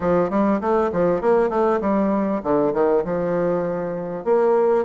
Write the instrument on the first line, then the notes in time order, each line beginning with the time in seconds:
bassoon
0.00 F3
0.30 G3
0.60 A3
0.92 F3
1.21 A#3
1.49 A3
1.80 G3
2.43 D3
2.73 D#3
3.04 F3
4.24 A#3